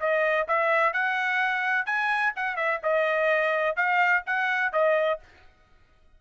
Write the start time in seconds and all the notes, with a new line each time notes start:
0.00 D#5
0.48 E5
0.93 F#5
1.86 G#5
2.36 F#5
2.56 E5
2.83 D#5
3.76 F5
4.26 F#5
4.73 D#5